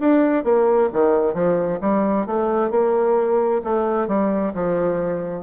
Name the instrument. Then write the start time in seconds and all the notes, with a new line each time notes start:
bassoon
0.00 D4
0.44 A#3
0.93 D#3
1.34 F3
1.81 G3
2.26 A3
2.71 A#3
3.64 A3
4.08 G3
4.54 F3